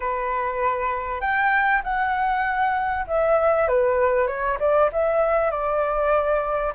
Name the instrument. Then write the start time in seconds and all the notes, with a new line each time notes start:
flute
0.00 B4
1.21 G5
1.83 F#5
3.07 E5
3.68 B4
4.27 C#5
4.59 D5
4.92 E5
5.50 D5